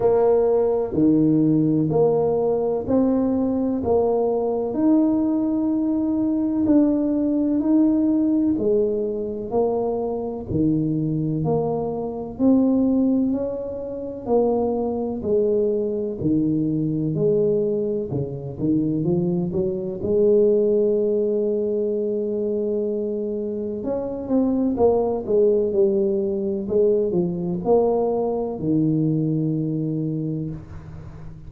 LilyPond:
\new Staff \with { instrumentName = "tuba" } { \time 4/4 \tempo 4 = 63 ais4 dis4 ais4 c'4 | ais4 dis'2 d'4 | dis'4 gis4 ais4 dis4 | ais4 c'4 cis'4 ais4 |
gis4 dis4 gis4 cis8 dis8 | f8 fis8 gis2.~ | gis4 cis'8 c'8 ais8 gis8 g4 | gis8 f8 ais4 dis2 | }